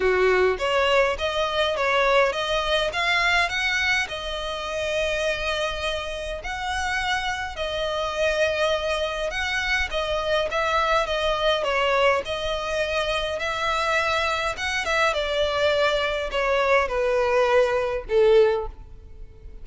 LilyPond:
\new Staff \with { instrumentName = "violin" } { \time 4/4 \tempo 4 = 103 fis'4 cis''4 dis''4 cis''4 | dis''4 f''4 fis''4 dis''4~ | dis''2. fis''4~ | fis''4 dis''2. |
fis''4 dis''4 e''4 dis''4 | cis''4 dis''2 e''4~ | e''4 fis''8 e''8 d''2 | cis''4 b'2 a'4 | }